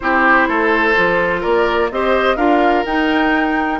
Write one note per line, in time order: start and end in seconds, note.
0.00 0.48 C4
0.00 0.95 E4
0.00 0.48 G4
0.00 1.42 C5
0.48 0.95 A3
0.48 1.40 A4
0.95 1.45 F3
0.95 1.90 F4
1.40 1.91 A#3
1.40 1.88 A#4
1.40 1.90 D5
1.91 2.36 C4
1.91 2.37 G4
1.91 2.36 C5
1.91 2.36 D#5
2.36 2.84 D4
2.36 2.85 F4
2.36 3.79 A#4
2.36 2.84 F5
2.85 3.80 D#4
2.85 3.80 G5